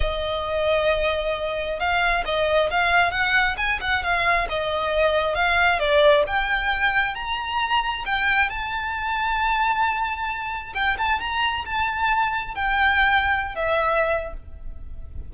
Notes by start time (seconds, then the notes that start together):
0.00 D#5
1.79 F5
2.25 D#5
2.70 F5
3.11 F#5
3.57 G#5
3.81 F#5
4.03 F5
4.49 D#5
5.34 F5
5.79 D5
6.26 G5
7.15 A#5
8.05 G5
8.49 A5
10.74 G5
10.98 A5
11.20 A#5
11.65 A5
12.54 G5
13.55 E5